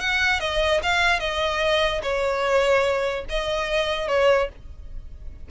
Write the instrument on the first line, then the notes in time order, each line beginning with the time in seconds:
violin
0.00 F#5
0.40 D#5
0.83 F5
1.20 D#5
2.02 C#5
3.29 D#5
4.08 C#5